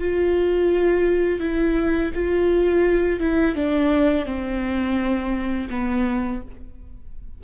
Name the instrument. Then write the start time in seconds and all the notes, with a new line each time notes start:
viola
0.00 F4
1.40 E4
2.15 F4
3.20 E4
3.56 D4
4.26 C4
5.70 B3